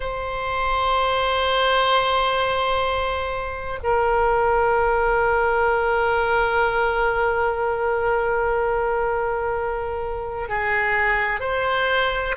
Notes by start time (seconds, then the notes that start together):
0.00 C5
3.83 A#4
10.48 G#4
11.39 C5